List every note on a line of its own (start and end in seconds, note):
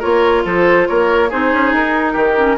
0.00 0.45 A#3
0.00 1.30 F4
0.00 0.43 A#4
0.00 0.45 C#5
0.45 0.88 F3
0.45 0.88 A4
0.45 0.88 C5
0.88 1.33 A#3
0.88 1.30 A#4
0.88 1.31 C#5
1.30 1.53 C4
1.30 2.37 D#4
1.30 2.13 G#4
1.30 1.74 C5
1.53 1.73 C#4
1.73 2.15 D#4
1.73 2.58 A#4
2.13 2.58 D#3
2.13 2.56 G4
2.37 2.58 C#4